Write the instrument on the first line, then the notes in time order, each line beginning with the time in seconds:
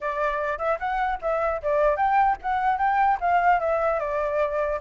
flute
0.01 D5
0.58 E5
0.79 F#5
1.21 E5
1.62 D5
1.96 G5
2.41 F#5
2.78 G5
3.20 F5
3.60 E5
3.99 D5